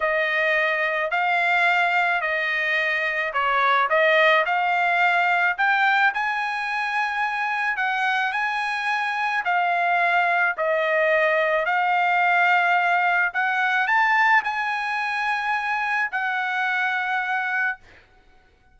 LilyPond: \new Staff \with { instrumentName = "trumpet" } { \time 4/4 \tempo 4 = 108 dis''2 f''2 | dis''2 cis''4 dis''4 | f''2 g''4 gis''4~ | gis''2 fis''4 gis''4~ |
gis''4 f''2 dis''4~ | dis''4 f''2. | fis''4 a''4 gis''2~ | gis''4 fis''2. | }